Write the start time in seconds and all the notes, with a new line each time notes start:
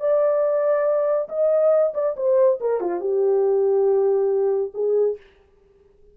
0.00 D5
1.29 D#5
1.94 D5
2.17 C5
2.61 A#4
2.81 F4
3.01 G4
4.74 G#4